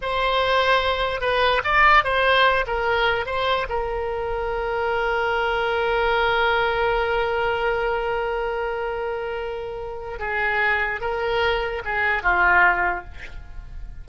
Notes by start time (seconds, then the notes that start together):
0.01 C5
1.21 B4
1.64 D5
2.04 C5
2.66 A#4
3.26 C5
3.69 A#4
10.19 G#4
11.00 A#4
11.85 G#4
12.22 F4